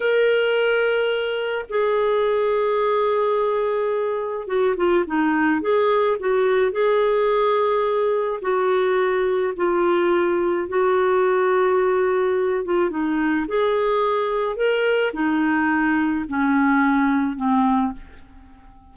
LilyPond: \new Staff \with { instrumentName = "clarinet" } { \time 4/4 \tempo 4 = 107 ais'2. gis'4~ | gis'1 | fis'8 f'8 dis'4 gis'4 fis'4 | gis'2. fis'4~ |
fis'4 f'2 fis'4~ | fis'2~ fis'8 f'8 dis'4 | gis'2 ais'4 dis'4~ | dis'4 cis'2 c'4 | }